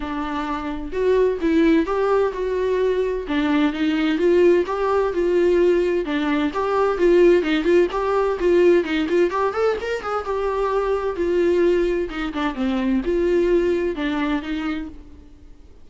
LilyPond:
\new Staff \with { instrumentName = "viola" } { \time 4/4 \tempo 4 = 129 d'2 fis'4 e'4 | g'4 fis'2 d'4 | dis'4 f'4 g'4 f'4~ | f'4 d'4 g'4 f'4 |
dis'8 f'8 g'4 f'4 dis'8 f'8 | g'8 a'8 ais'8 gis'8 g'2 | f'2 dis'8 d'8 c'4 | f'2 d'4 dis'4 | }